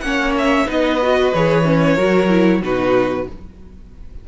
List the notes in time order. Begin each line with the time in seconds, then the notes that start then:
0.00 A#3 C#4 F#5
0.06 C#5
0.37 E5
0.66 B3 D#4 B4 D#5
1.02 F#4
1.33 E3 G#4 C#5
1.64 C#4
1.94 F#3 F#4 A#4
2.29 E4
2.61 B2 D#4 F#4 B4